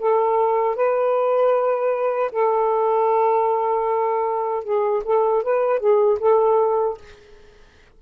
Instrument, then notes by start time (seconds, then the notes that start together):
saxophone
0.00 A4
0.76 B4
2.32 A4
4.64 G#4
5.04 A4
5.43 B4
5.80 G#4
6.19 A4